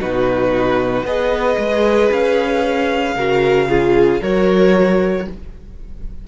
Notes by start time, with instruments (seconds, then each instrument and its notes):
0.00 cello B2, viola D#4, violin F#4 B4
1.04 cello B3, viola G#4, violin B4 D#5
1.58 cello G#3
2.12 cello C#4, violin F5
3.16 cello C#3, viola F#4, violin A#4
3.69 viola F4, violin G#4
4.21 cello F#3, viola F#4, violin A#4 C#5